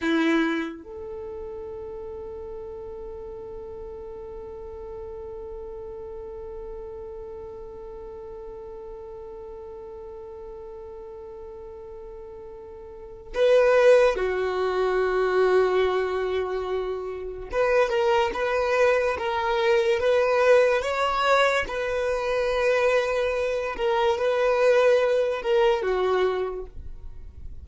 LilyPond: \new Staff \with { instrumentName = "violin" } { \time 4/4 \tempo 4 = 72 e'4 a'2.~ | a'1~ | a'1~ | a'1 |
b'4 fis'2.~ | fis'4 b'8 ais'8 b'4 ais'4 | b'4 cis''4 b'2~ | b'8 ais'8 b'4. ais'8 fis'4 | }